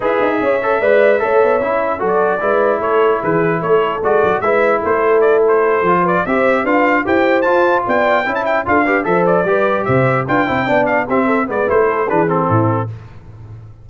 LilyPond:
<<
  \new Staff \with { instrumentName = "trumpet" } { \time 4/4 \tempo 4 = 149 e''1~ | e''4 d''2 cis''4 | b'4 cis''4 d''4 e''4 | c''4 d''8 c''4. d''8 e''8~ |
e''8 f''4 g''4 a''4 g''8~ | g''8. a''16 g''8 f''4 e''8 d''4~ | d''8 e''4 g''4. f''8 e''8~ | e''8 d''8 c''4 b'8 a'4. | }
  \new Staff \with { instrumentName = "horn" } { \time 4/4 b'4 cis''4 d''4 cis''4~ | cis''4 a'4 b'4 a'4 | gis'4 a'2 b'4 | a'2. b'8 c''8~ |
c''8 b'4 c''2 d''8~ | d''8 e''4 a'8 b'8 c''4 b'8~ | b'8 c''4 b'8 c''8 d''4 g'8 | a'8 b'4 a'8 gis'4 e'4 | }
  \new Staff \with { instrumentName = "trombone" } { \time 4/4 gis'4. a'8 b'4 a'4 | e'4 fis'4 e'2~ | e'2 fis'4 e'4~ | e'2~ e'8 f'4 g'8~ |
g'8 f'4 g'4 f'4.~ | f'8 e'4 f'8 g'8 a'4 g'8~ | g'4. f'8 e'8 d'4 c'8~ | c'8 b8 e'4 d'8 c'4. | }
  \new Staff \with { instrumentName = "tuba" } { \time 4/4 e'8 dis'8 cis'4 gis4 a8 b8 | cis'4 fis4 gis4 a4 | e4 a4 gis8 fis8 gis4 | a2~ a8 f4 c'8~ |
c'8 d'4 e'4 f'4 b8~ | b8 cis'4 d'4 f4 g8~ | g8 c4 d'8 c'8 b4 c'8~ | c'8 gis8 a4 e4 a,4 | }
>>